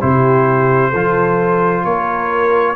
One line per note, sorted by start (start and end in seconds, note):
0.00 0.93 C3
0.00 0.92 E4
0.00 0.89 G4
0.00 1.84 C5
0.89 1.84 F3
0.89 1.81 A4
0.95 2.75 F4
1.84 2.75 A#3
1.84 2.75 A#4
1.84 2.75 C#5